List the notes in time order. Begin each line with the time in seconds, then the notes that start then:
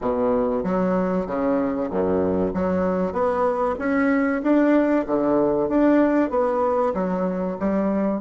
0.01 B2
0.63 F#3
1.26 C#3
1.90 F#2
2.53 F#3
3.12 B3
3.78 C#4
4.42 D4
5.07 D3
5.68 D4
6.30 B3
6.94 F#3
7.59 G3